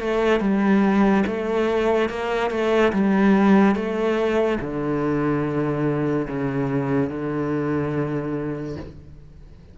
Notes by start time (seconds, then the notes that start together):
0.00 A3
0.40 G3
1.27 A3
2.09 A#3
2.50 A3
2.92 G3
3.75 A3
4.60 D3
6.27 C#3
7.09 D3